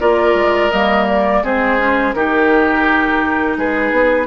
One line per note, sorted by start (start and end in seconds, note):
0.00 0.34 A#3
0.00 0.71 F4
0.00 1.43 A#4
0.00 0.71 D5
0.34 0.70 G#3
0.71 1.42 G3
0.71 1.44 A#3
0.71 1.06 D#5
1.09 1.45 D5
1.42 2.14 G#3
1.42 1.79 C4
1.42 2.15 G#4
1.42 2.14 C5
1.79 2.14 C#4
2.14 3.57 D#3
2.14 4.28 D#4
2.14 3.58 G4
2.14 3.57 A#4
3.57 3.92 G#3
3.57 4.28 G#4
3.57 4.28 B4
3.92 4.27 B3